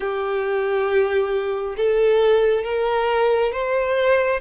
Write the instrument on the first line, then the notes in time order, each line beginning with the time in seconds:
violin
0.00 G4
1.76 A4
2.64 A#4
3.52 C5